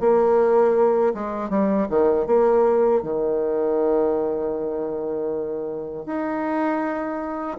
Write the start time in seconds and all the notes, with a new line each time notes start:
0.00 A#3
1.14 G#3
1.49 G3
1.90 D#3
2.26 A#3
3.02 D#3
6.06 D#4